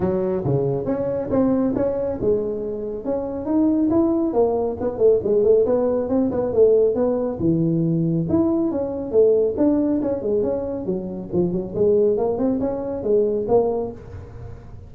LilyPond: \new Staff \with { instrumentName = "tuba" } { \time 4/4 \tempo 4 = 138 fis4 cis4 cis'4 c'4 | cis'4 gis2 cis'4 | dis'4 e'4 ais4 b8 a8 | gis8 a8 b4 c'8 b8 a4 |
b4 e2 e'4 | cis'4 a4 d'4 cis'8 gis8 | cis'4 fis4 f8 fis8 gis4 | ais8 c'8 cis'4 gis4 ais4 | }